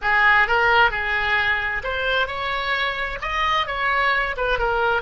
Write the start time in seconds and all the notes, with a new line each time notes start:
0.01 G#4
0.47 A#4
0.90 G#4
1.83 C5
2.27 C#5
3.21 D#5
3.66 C#5
4.36 B4
4.58 A#4